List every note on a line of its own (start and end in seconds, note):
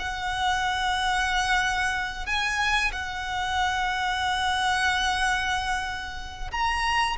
0.00 2.27 F#5
2.27 2.92 G#5
2.93 6.52 F#5
6.52 7.17 A#5